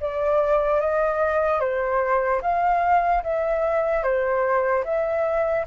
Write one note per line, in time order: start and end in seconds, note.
0.00 0.80 D5
0.80 1.60 D#5
1.60 2.41 C5
2.41 3.22 F5
3.23 4.03 E5
4.03 4.84 C5
4.84 5.65 E5